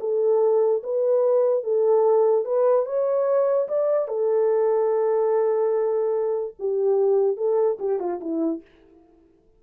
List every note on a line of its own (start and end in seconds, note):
0.00 0.82 A4
0.83 1.63 B4
1.63 2.45 A4
2.45 2.86 B4
2.86 3.68 C#5
3.68 4.08 D5
4.08 6.54 A4
6.59 7.37 G4
7.37 7.78 A4
7.79 7.99 G4
7.99 8.20 F4
8.20 8.61 E4